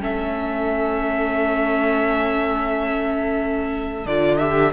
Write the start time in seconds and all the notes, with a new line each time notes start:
0.00 A3 C#4 A4 E5
4.05 D3 F4 D5
4.38 G4 E5